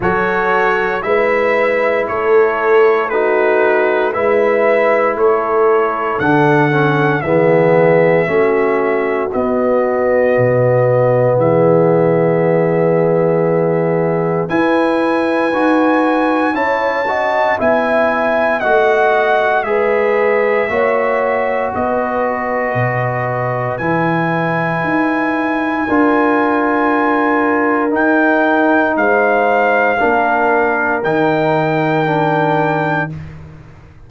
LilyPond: <<
  \new Staff \with { instrumentName = "trumpet" } { \time 4/4 \tempo 4 = 58 cis''4 e''4 cis''4 b'4 | e''4 cis''4 fis''4 e''4~ | e''4 dis''2 e''4~ | e''2 gis''2 |
a''4 gis''4 fis''4 e''4~ | e''4 dis''2 gis''4~ | gis''2. g''4 | f''2 g''2 | }
  \new Staff \with { instrumentName = "horn" } { \time 4/4 a'4 b'4 a'4 fis'4 | b'4 a'2 gis'4 | fis'2. gis'4~ | gis'2 b'2 |
cis''8 dis''8 e''4 dis''4 b'4 | cis''4 b'2.~ | b'4 ais'2. | c''4 ais'2. | }
  \new Staff \with { instrumentName = "trombone" } { \time 4/4 fis'4 e'2 dis'4 | e'2 d'8 cis'8 b4 | cis'4 b2.~ | b2 e'4 fis'4 |
e'8 fis'8 e'4 fis'4 gis'4 | fis'2. e'4~ | e'4 f'2 dis'4~ | dis'4 d'4 dis'4 d'4 | }
  \new Staff \with { instrumentName = "tuba" } { \time 4/4 fis4 gis4 a2 | gis4 a4 d4 e4 | a4 b4 b,4 e4~ | e2 e'4 dis'4 |
cis'4 b4 a4 gis4 | ais4 b4 b,4 e4 | dis'4 d'2 dis'4 | gis4 ais4 dis2 | }
>>